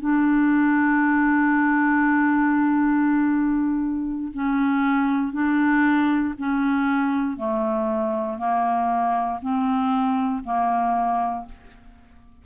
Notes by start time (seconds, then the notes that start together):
0.00 D4
4.34 C#4
5.33 D4
6.38 C#4
7.37 A3
8.39 A#3
9.42 C4
10.44 A#3